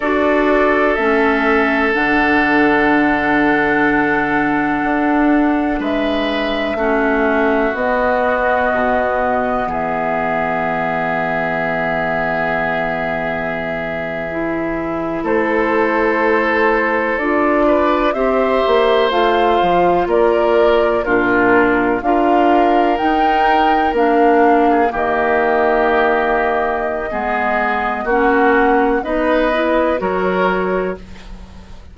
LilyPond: <<
  \new Staff \with { instrumentName = "flute" } { \time 4/4 \tempo 4 = 62 d''4 e''4 fis''2~ | fis''2 e''2 | dis''2 e''2~ | e''2.~ e''8. c''16~ |
c''4.~ c''16 d''4 e''4 f''16~ | f''8. d''4 ais'4 f''4 g''16~ | g''8. f''4 dis''2~ dis''16~ | dis''4 fis''4 dis''4 cis''4 | }
  \new Staff \with { instrumentName = "oboe" } { \time 4/4 a'1~ | a'2 b'4 fis'4~ | fis'2 gis'2~ | gis'2.~ gis'8. a'16~ |
a'2~ a'16 b'8 c''4~ c''16~ | c''8. ais'4 f'4 ais'4~ ais'16~ | ais'4. gis'16 g'2~ g'16 | gis'4 fis'4 b'4 ais'4 | }
  \new Staff \with { instrumentName = "clarinet" } { \time 4/4 fis'4 cis'4 d'2~ | d'2. cis'4 | b1~ | b2~ b8. e'4~ e'16~ |
e'4.~ e'16 f'4 g'4 f'16~ | f'4.~ f'16 d'4 f'4 dis'16~ | dis'8. d'4 ais2~ ais16 | b4 cis'4 dis'8 e'8 fis'4 | }
  \new Staff \with { instrumentName = "bassoon" } { \time 4/4 d'4 a4 d2~ | d4 d'4 gis4 a4 | b4 b,4 e2~ | e2.~ e8. a16~ |
a4.~ a16 d'4 c'8 ais8 a16~ | a16 f8 ais4 ais,4 d'4 dis'16~ | dis'8. ais4 dis2~ dis16 | gis4 ais4 b4 fis4 | }
>>